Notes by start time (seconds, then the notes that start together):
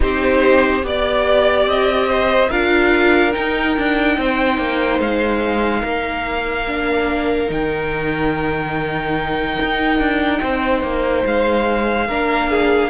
0.00 C4 D#4 G4 C5
0.82 B3 G4 D5
1.66 C4 D#5
2.08 C5
2.49 D4 F4 A#4 F5
3.31 D#4 G5
3.77 D4
4.17 C4 C5
4.57 A#3
4.99 G#3 F5
5.81 A#3 A#4
6.67 D4
7.47 D#3 D#4 G5
9.62 D#4
9.99 D4
10.42 C4 C5
10.82 A#3
11.25 G#3 F5
12.07 A#3 D4 A#4
12.49 G#4